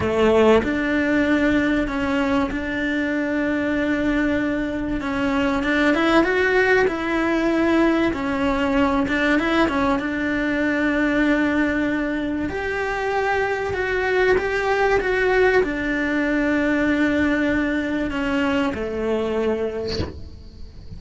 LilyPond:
\new Staff \with { instrumentName = "cello" } { \time 4/4 \tempo 4 = 96 a4 d'2 cis'4 | d'1 | cis'4 d'8 e'8 fis'4 e'4~ | e'4 cis'4. d'8 e'8 cis'8 |
d'1 | g'2 fis'4 g'4 | fis'4 d'2.~ | d'4 cis'4 a2 | }